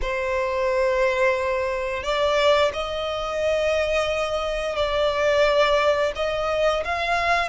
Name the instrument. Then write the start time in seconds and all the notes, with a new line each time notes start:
violin
0.01 C5
2.03 D5
2.73 D#5
4.76 D5
6.15 D#5
6.84 F5